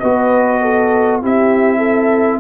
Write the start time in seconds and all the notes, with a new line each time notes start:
0.00 B3 F#4 B4 D#5
0.62 A4
1.22 C4 E4 G4 E5
1.78 A4